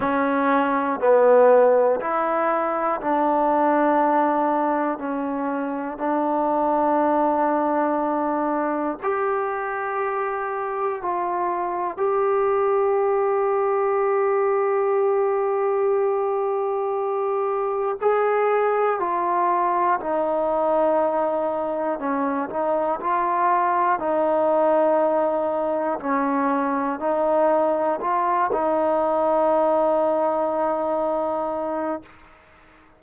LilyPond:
\new Staff \with { instrumentName = "trombone" } { \time 4/4 \tempo 4 = 60 cis'4 b4 e'4 d'4~ | d'4 cis'4 d'2~ | d'4 g'2 f'4 | g'1~ |
g'2 gis'4 f'4 | dis'2 cis'8 dis'8 f'4 | dis'2 cis'4 dis'4 | f'8 dis'2.~ dis'8 | }